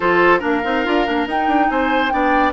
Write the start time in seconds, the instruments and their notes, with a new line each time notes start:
0.00 bassoon F3, clarinet F4, oboe A4, flute C5
0.39 bassoon A#3, clarinet D4, oboe A#4, flute F5
0.64 bassoon C4, clarinet D#4
0.85 bassoon D4, clarinet F4
1.06 bassoon A#3, clarinet D4
1.26 bassoon D#4, clarinet D#4, flute G5
1.47 bassoon D4
1.69 bassoon C4, oboe C5, flute G#5
2.09 bassoon B3, clarinet D4, oboe D5, flute G5